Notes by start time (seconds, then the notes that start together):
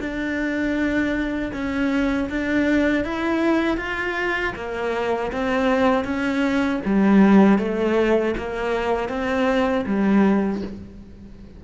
0.00 D4
1.54 C#4
2.30 D4
3.04 E4
3.77 F4
4.56 A#3
5.32 C4
6.05 C#4
6.85 G3
7.59 A3
8.38 A#3
9.09 C4
9.86 G3